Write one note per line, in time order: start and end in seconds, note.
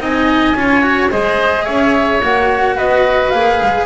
0.00 0.55 C4
0.00 0.56 D#4
0.00 0.57 D#5
0.00 1.11 G#5
0.55 1.10 C#4
0.55 0.82 F4
0.55 1.11 C#5
0.82 1.10 F#4
1.11 1.68 G#3
1.11 2.22 G#4
1.11 1.65 C5
1.11 1.66 D#5
1.65 2.22 C#4
1.65 2.76 C#5
1.65 2.22 E5
2.22 2.78 A#3
2.22 3.34 F#4
2.22 2.78 F#5
2.76 3.33 B3
2.76 3.87 B4
2.76 3.31 D#5
3.31 3.61 A#3
3.31 3.87 G#4
3.31 3.86 F5
3.62 3.87 G#3